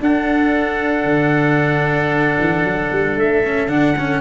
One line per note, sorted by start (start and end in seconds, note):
0.00 1.04 D4
0.00 3.43 D4
0.00 4.21 A4
0.00 3.19 F#5
1.04 2.36 D3
2.39 2.64 E3
2.64 2.90 F#3
2.91 3.16 G3
3.16 3.68 A3
3.16 3.68 E5
3.45 3.69 C#4
3.68 4.20 D3
3.68 3.95 D4
3.68 4.21 F#5
3.98 4.21 C#4